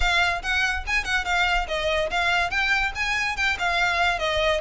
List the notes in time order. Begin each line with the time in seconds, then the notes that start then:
0.00 F5
0.42 F#5
0.86 G#5
1.04 F#5
1.25 F5
1.67 D#5
2.10 F5
2.50 G5
2.95 G#5
3.36 G5
3.59 F5
4.18 D#5